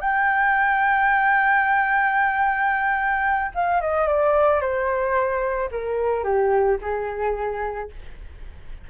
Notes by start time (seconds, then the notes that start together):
0.00 G5
3.54 F5
3.81 D#5
4.07 D5
4.61 C5
5.71 A#4
6.23 G4
6.81 G#4